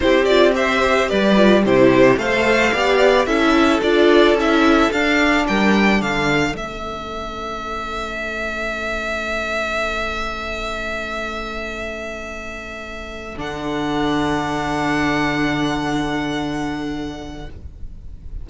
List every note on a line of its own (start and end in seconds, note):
0.00 1.11 C4
0.00 0.27 E4
0.00 0.55 G4
0.00 0.25 C5
0.25 0.53 F4
0.25 0.52 D5
0.53 1.35 G4
0.53 1.08 C5
0.53 1.09 E5
1.08 1.65 G3
1.08 1.63 B4
1.08 1.64 D5
1.36 1.63 F4
1.65 2.16 C3
1.65 2.19 E4
1.65 2.19 G4
1.65 2.18 C5
2.16 2.71 A3
2.16 2.75 A4
2.16 2.72 C5
2.16 3.25 F5
2.72 3.26 B3
2.72 3.27 G4
2.72 3.26 D5
3.25 3.81 C#4
3.25 3.81 E4
3.25 5.45 A4
3.25 3.80 E5
3.81 4.34 D4
3.81 4.37 F4
3.81 4.37 D5
4.34 4.88 C#4
4.34 4.92 E4
4.34 4.91 E5
4.91 5.46 D4
4.91 6.52 D4
4.91 5.46 F5
5.47 6.01 G3
5.47 6.00 A#4
5.47 6.01 G5
6.00 6.54 D3
6.00 17.45 A4
6.00 6.56 F5
6.52 13.36 A3
6.52 13.34 C#4
6.52 13.38 E5
13.37 17.46 D3
13.37 17.46 D4
13.37 17.49 F#5